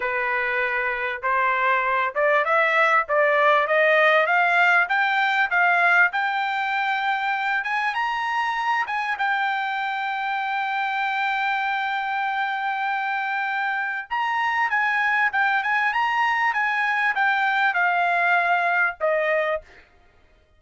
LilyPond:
\new Staff \with { instrumentName = "trumpet" } { \time 4/4 \tempo 4 = 98 b'2 c''4. d''8 | e''4 d''4 dis''4 f''4 | g''4 f''4 g''2~ | g''8 gis''8 ais''4. gis''8 g''4~ |
g''1~ | g''2. ais''4 | gis''4 g''8 gis''8 ais''4 gis''4 | g''4 f''2 dis''4 | }